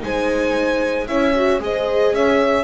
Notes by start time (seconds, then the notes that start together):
0.00 G#3 D#4 C5 G#5
1.07 C#4 E4 C#5 E5
1.35 F#4
1.60 G#3 G#4 C5 D#5
2.12 C#4 C#5 E5